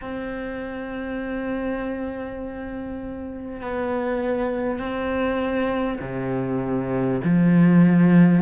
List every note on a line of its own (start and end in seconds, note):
0.01 3.61 C4
3.61 4.79 B3
4.79 5.99 C4
6.00 7.20 C3
7.23 8.42 F3